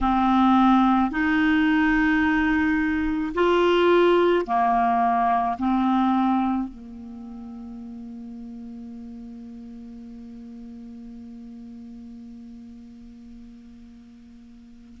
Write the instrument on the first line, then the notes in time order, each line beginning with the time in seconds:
clarinet
0.00 C4
1.11 D#4
3.34 F4
4.45 A#3
5.58 C4
6.68 A#3